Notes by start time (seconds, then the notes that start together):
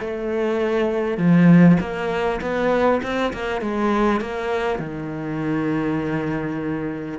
0.00 A3
1.17 F3
1.80 A#3
2.41 B3
3.02 C4
3.33 A#3
3.61 G#3
4.20 A#3
4.79 D#3